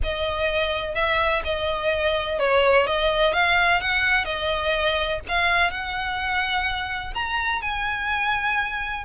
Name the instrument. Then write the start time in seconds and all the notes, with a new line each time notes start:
violin
0.03 D#5
0.95 E5
1.44 D#5
2.39 C#5
2.86 D#5
3.33 F5
3.81 F#5
4.24 D#5
5.28 F5
5.70 F#5
7.14 A#5
7.61 G#5